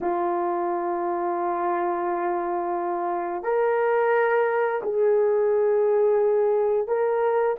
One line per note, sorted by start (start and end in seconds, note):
0.00 3.43 F4
3.43 4.81 A#4
4.82 6.87 G#4
6.87 7.56 A#4